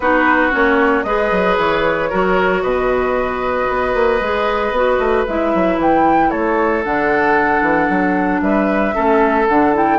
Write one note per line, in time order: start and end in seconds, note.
0.00 0.52 B3
0.00 0.50 D#4
0.00 1.06 F#4
0.00 0.52 B4
0.50 1.04 A#3
0.50 1.03 C#4
0.50 1.03 C#5
1.03 1.30 G#3
1.03 2.10 G#4
1.03 2.09 B4
1.03 1.55 D#5
1.31 1.57 F#3
1.57 2.10 E3
1.57 2.62 C#5
2.09 2.63 F#3
2.09 4.21 F#4
2.09 2.62 A#4
2.62 3.68 B2
2.62 6.30 B4
2.62 5.25 D#5
3.69 3.94 B3
3.94 4.20 A#3
4.20 4.71 G#3
4.20 4.75 G#4
4.71 4.97 B3
4.71 5.27 F#4
4.98 5.25 A3
5.26 5.54 G#3
5.26 6.83 E4
5.26 5.79 E5
5.54 5.77 F#3
5.77 6.29 E3
5.77 6.30 G5
6.30 6.85 A3
6.30 8.40 A4
6.30 6.83 C#5
6.83 7.61 D3
6.83 8.93 D4
6.83 8.41 F#5
7.61 7.87 E3
7.89 8.41 F#3
8.41 8.94 G3
8.41 8.95 B4
8.41 9.47 E5
8.93 9.48 A3
8.93 9.46 C#4
8.93 9.98 A4
9.48 9.98 D3
9.48 9.74 D4
9.48 9.74 F#5
9.74 9.98 E4
9.74 9.98 G5